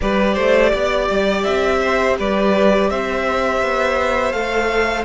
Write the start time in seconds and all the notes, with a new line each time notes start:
0.00 G3 G4 B4 D5
0.34 A3 C5
0.69 B3 D5
1.09 G3
1.43 C4 E5
1.81 C5
2.17 G3 B4 D5
2.90 C4 C5 E5
3.62 B3
4.31 A3 A4 F5